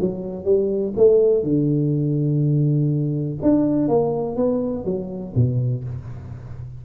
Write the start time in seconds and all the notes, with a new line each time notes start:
0.00 F#3
0.44 G3
0.96 A3
1.43 D3
3.42 D4
3.88 A#3
4.36 B3
4.84 F#3
5.35 B2